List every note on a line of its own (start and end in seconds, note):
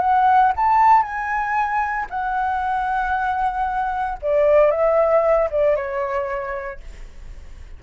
0.00 0.52 F#5
0.56 1.02 A5
1.02 2.07 G#5
2.10 4.19 F#5
4.22 4.71 D5
4.71 5.49 E5
5.50 5.76 D5
5.76 6.80 C#5